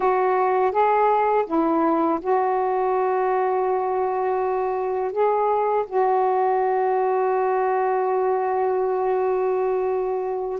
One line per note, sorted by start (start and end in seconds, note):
0.00 0.72 F#4
0.72 1.45 G#4
1.46 2.19 E4
2.21 5.12 F#4
5.12 5.85 G#4
5.86 10.59 F#4